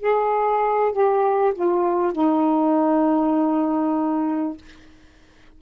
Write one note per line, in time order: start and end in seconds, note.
0.00 0.92 G#4
0.92 1.53 G4
1.54 2.12 F4
2.12 4.57 D#4